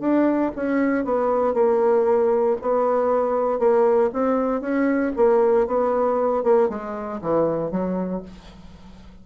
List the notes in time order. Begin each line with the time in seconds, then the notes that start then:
0.00 D4
0.56 C#4
1.05 B3
1.54 A#3
2.62 B3
3.59 A#3
4.13 C4
4.61 C#4
5.16 A#3
5.67 B3
6.44 A#3
6.69 G#3
7.22 E3
7.71 F#3